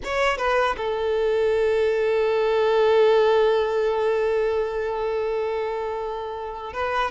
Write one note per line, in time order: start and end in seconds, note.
0.04 0.37 C#5
0.37 0.76 B4
0.77 6.73 A4
6.73 7.11 B4